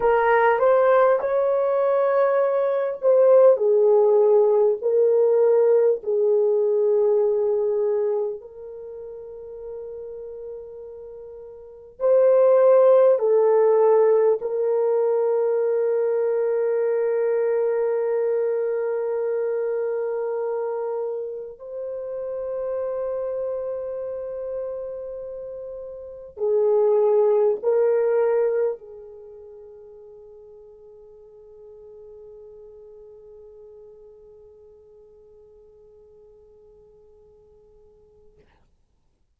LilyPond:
\new Staff \with { instrumentName = "horn" } { \time 4/4 \tempo 4 = 50 ais'8 c''8 cis''4. c''8 gis'4 | ais'4 gis'2 ais'4~ | ais'2 c''4 a'4 | ais'1~ |
ais'2 c''2~ | c''2 gis'4 ais'4 | gis'1~ | gis'1 | }